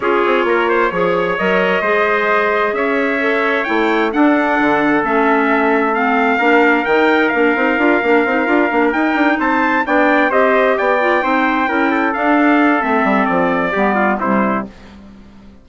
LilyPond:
<<
  \new Staff \with { instrumentName = "trumpet" } { \time 4/4 \tempo 4 = 131 cis''2. dis''4~ | dis''2 e''2 | g''4 fis''2 e''4~ | e''4 f''2 g''4 |
f''2.~ f''8 g''8~ | g''8 a''4 g''4 dis''4 g''8~ | g''2~ g''8 f''4. | e''4 d''2 c''4 | }
  \new Staff \with { instrumentName = "trumpet" } { \time 4/4 gis'4 ais'8 c''8 cis''2 | c''2 cis''2~ | cis''4 a'2.~ | a'2 ais'2~ |
ais'1~ | ais'8 c''4 d''4 c''4 d''8~ | d''8 c''4 ais'8 a'2~ | a'2 g'8 f'8 e'4 | }
  \new Staff \with { instrumentName = "clarinet" } { \time 4/4 f'2 gis'4 ais'4 | gis'2. a'4 | e'4 d'2 cis'4~ | cis'4 c'4 d'4 dis'4 |
d'8 dis'8 f'8 d'8 dis'8 f'8 d'8 dis'8~ | dis'4. d'4 g'4. | f'8 dis'4 e'4 d'4. | c'2 b4 g4 | }
  \new Staff \with { instrumentName = "bassoon" } { \time 4/4 cis'8 c'8 ais4 f4 fis4 | gis2 cis'2 | a4 d'4 d4 a4~ | a2 ais4 dis4 |
ais8 c'8 d'8 ais8 c'8 d'8 ais8 dis'8 | d'8 c'4 b4 c'4 b8~ | b8 c'4 cis'4 d'4. | a8 g8 f4 g4 c4 | }
>>